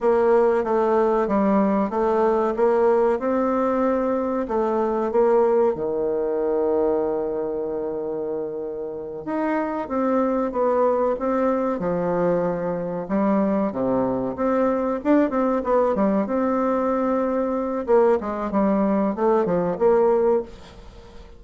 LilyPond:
\new Staff \with { instrumentName = "bassoon" } { \time 4/4 \tempo 4 = 94 ais4 a4 g4 a4 | ais4 c'2 a4 | ais4 dis2.~ | dis2~ dis8 dis'4 c'8~ |
c'8 b4 c'4 f4.~ | f8 g4 c4 c'4 d'8 | c'8 b8 g8 c'2~ c'8 | ais8 gis8 g4 a8 f8 ais4 | }